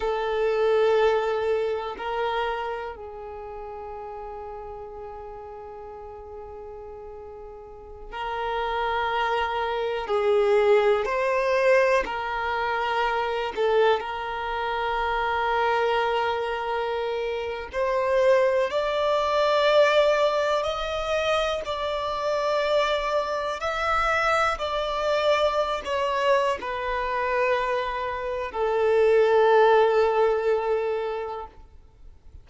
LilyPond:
\new Staff \with { instrumentName = "violin" } { \time 4/4 \tempo 4 = 61 a'2 ais'4 gis'4~ | gis'1~ | gis'16 ais'2 gis'4 c''8.~ | c''16 ais'4. a'8 ais'4.~ ais'16~ |
ais'2 c''4 d''4~ | d''4 dis''4 d''2 | e''4 d''4~ d''16 cis''8. b'4~ | b'4 a'2. | }